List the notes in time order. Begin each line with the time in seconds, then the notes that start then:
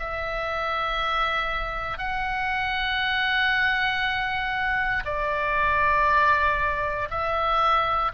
0.00 E5
1.99 F#5
5.06 D5
7.10 E5